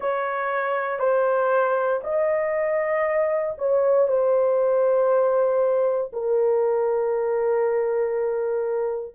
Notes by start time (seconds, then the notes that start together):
0.00 C#5
0.99 C5
2.03 D#5
3.57 C#5
4.07 C5
6.12 A#4